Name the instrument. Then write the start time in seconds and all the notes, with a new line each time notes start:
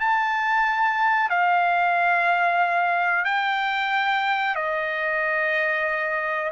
trumpet
0.00 A5
1.30 F5
3.25 G5
4.55 D#5